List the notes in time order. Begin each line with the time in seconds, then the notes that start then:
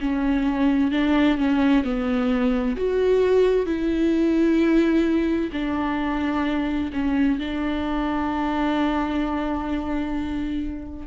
0.00 C#4
0.91 D4
1.38 C#4
1.84 B3
2.77 F#4
3.66 E4
5.52 D4
6.93 C#4
7.39 D4